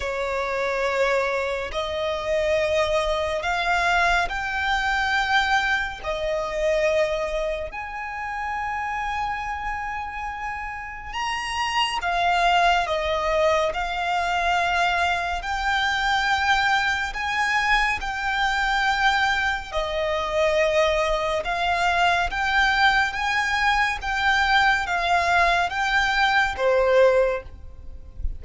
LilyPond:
\new Staff \with { instrumentName = "violin" } { \time 4/4 \tempo 4 = 70 cis''2 dis''2 | f''4 g''2 dis''4~ | dis''4 gis''2.~ | gis''4 ais''4 f''4 dis''4 |
f''2 g''2 | gis''4 g''2 dis''4~ | dis''4 f''4 g''4 gis''4 | g''4 f''4 g''4 c''4 | }